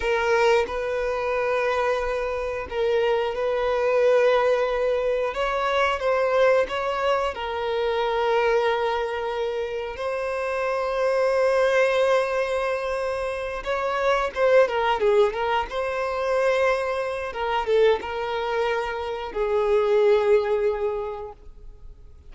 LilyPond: \new Staff \with { instrumentName = "violin" } { \time 4/4 \tempo 4 = 90 ais'4 b'2. | ais'4 b'2. | cis''4 c''4 cis''4 ais'4~ | ais'2. c''4~ |
c''1~ | c''8 cis''4 c''8 ais'8 gis'8 ais'8 c''8~ | c''2 ais'8 a'8 ais'4~ | ais'4 gis'2. | }